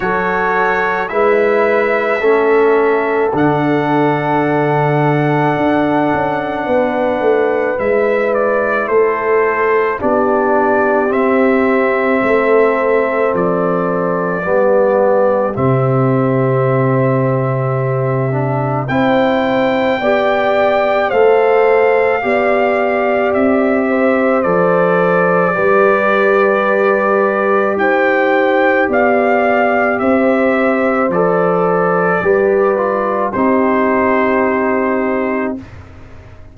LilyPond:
<<
  \new Staff \with { instrumentName = "trumpet" } { \time 4/4 \tempo 4 = 54 cis''4 e''2 fis''4~ | fis''2. e''8 d''8 | c''4 d''4 e''2 | d''2 e''2~ |
e''4 g''2 f''4~ | f''4 e''4 d''2~ | d''4 g''4 f''4 e''4 | d''2 c''2 | }
  \new Staff \with { instrumentName = "horn" } { \time 4/4 a'4 b'4 a'2~ | a'2 b'2 | a'4 g'2 a'4~ | a'4 g'2.~ |
g'4 c''4 d''4 c''4 | d''4. c''4. b'4~ | b'4 c''4 d''4 c''4~ | c''4 b'4 g'2 | }
  \new Staff \with { instrumentName = "trombone" } { \time 4/4 fis'4 e'4 cis'4 d'4~ | d'2. e'4~ | e'4 d'4 c'2~ | c'4 b4 c'2~ |
c'8 d'8 e'4 g'4 a'4 | g'2 a'4 g'4~ | g'1 | a'4 g'8 f'8 dis'2 | }
  \new Staff \with { instrumentName = "tuba" } { \time 4/4 fis4 gis4 a4 d4~ | d4 d'8 cis'8 b8 a8 gis4 | a4 b4 c'4 a4 | f4 g4 c2~ |
c4 c'4 b4 a4 | b4 c'4 f4 g4~ | g4 dis'4 b4 c'4 | f4 g4 c'2 | }
>>